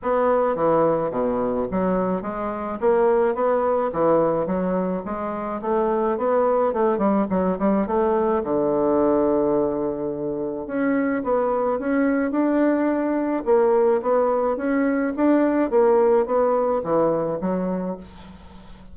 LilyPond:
\new Staff \with { instrumentName = "bassoon" } { \time 4/4 \tempo 4 = 107 b4 e4 b,4 fis4 | gis4 ais4 b4 e4 | fis4 gis4 a4 b4 | a8 g8 fis8 g8 a4 d4~ |
d2. cis'4 | b4 cis'4 d'2 | ais4 b4 cis'4 d'4 | ais4 b4 e4 fis4 | }